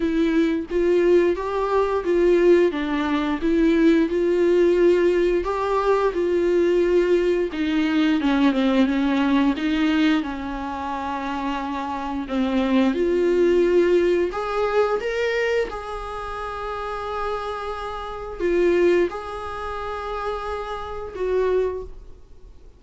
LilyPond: \new Staff \with { instrumentName = "viola" } { \time 4/4 \tempo 4 = 88 e'4 f'4 g'4 f'4 | d'4 e'4 f'2 | g'4 f'2 dis'4 | cis'8 c'8 cis'4 dis'4 cis'4~ |
cis'2 c'4 f'4~ | f'4 gis'4 ais'4 gis'4~ | gis'2. f'4 | gis'2. fis'4 | }